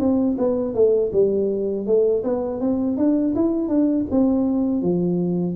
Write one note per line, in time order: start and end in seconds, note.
0.00 0.37 C4
0.38 0.74 B3
0.74 1.11 A3
1.12 1.87 G3
1.87 2.24 A3
2.24 2.61 B3
2.61 2.97 C4
2.97 3.34 D4
3.36 3.69 E4
3.69 4.06 D4
4.11 4.82 C4
4.82 5.56 F3